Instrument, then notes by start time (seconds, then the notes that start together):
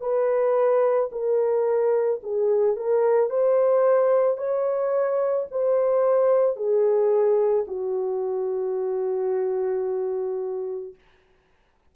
horn
0.00 B4
1.12 A#4
2.23 G#4
2.76 A#4
3.30 C5
4.37 C#5
5.50 C5
6.56 G#4
7.67 F#4